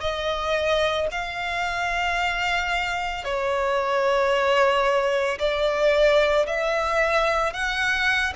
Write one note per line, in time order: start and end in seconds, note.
0.00 1.07 D#5
1.11 3.24 F5
3.24 5.38 C#5
5.39 6.46 D5
6.46 7.53 E5
7.53 8.33 F#5